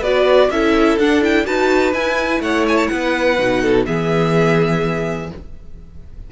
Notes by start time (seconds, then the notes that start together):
0.00 B3 F#4 B4 D5
0.50 C#4 E4 A4 E5
0.98 D4 F#5
1.22 E4 G5
1.45 D#4 F#4 B4 A5
1.94 E4 G#5
2.40 A3 C#5 F#5
2.68 G#5
2.77 A5
2.88 B3 B4 F#5
3.39 B2 D#4
3.62 A4
3.87 E3 B3 G#4 E5